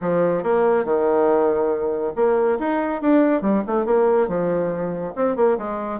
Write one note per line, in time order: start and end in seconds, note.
0.01 0.43 F3
0.43 0.84 A#3
0.84 2.13 D#3
2.15 2.58 A#3
2.59 3.01 D#4
3.01 3.41 D4
3.41 3.63 G3
3.66 3.85 A3
3.85 4.27 A#3
4.27 5.13 F3
5.15 5.36 C4
5.36 5.57 A#3
5.57 5.99 G#3